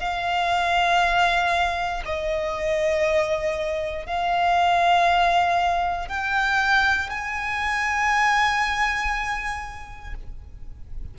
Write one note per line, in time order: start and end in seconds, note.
0.00 2.03 F5
2.06 4.06 D#5
4.06 6.09 F5
6.09 7.10 G5
7.10 10.15 G#5